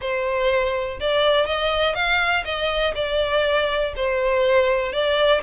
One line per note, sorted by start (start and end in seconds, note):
0.01 0.99 C5
1.00 1.46 D5
1.46 1.94 D#5
1.94 2.44 F5
2.45 2.94 D#5
2.95 3.93 D5
3.96 4.92 C5
4.92 5.41 D5